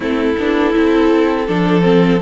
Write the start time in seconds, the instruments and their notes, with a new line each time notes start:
0.00 cello A3, viola C4, violin E4 A4
0.37 cello B3, viola D4
0.72 cello C4, viola E4
1.47 cello F3, viola D4, violin A4
1.81 viola C4